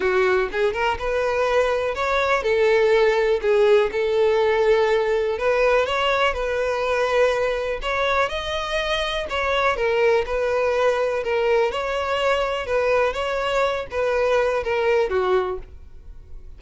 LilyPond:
\new Staff \with { instrumentName = "violin" } { \time 4/4 \tempo 4 = 123 fis'4 gis'8 ais'8 b'2 | cis''4 a'2 gis'4 | a'2. b'4 | cis''4 b'2. |
cis''4 dis''2 cis''4 | ais'4 b'2 ais'4 | cis''2 b'4 cis''4~ | cis''8 b'4. ais'4 fis'4 | }